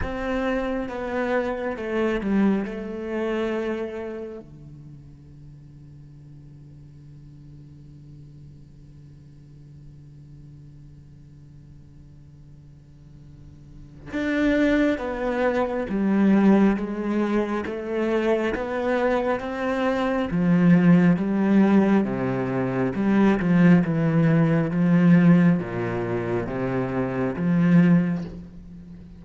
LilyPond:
\new Staff \with { instrumentName = "cello" } { \time 4/4 \tempo 4 = 68 c'4 b4 a8 g8 a4~ | a4 d2.~ | d1~ | d1 |
d'4 b4 g4 gis4 | a4 b4 c'4 f4 | g4 c4 g8 f8 e4 | f4 ais,4 c4 f4 | }